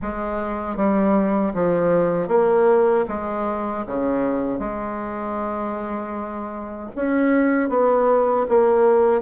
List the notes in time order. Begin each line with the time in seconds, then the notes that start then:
0.01 G#3
0.76 G3
1.53 F3
2.28 A#3
3.08 G#3
3.86 C#3
4.59 G#3
6.95 C#4
7.69 B3
8.49 A#3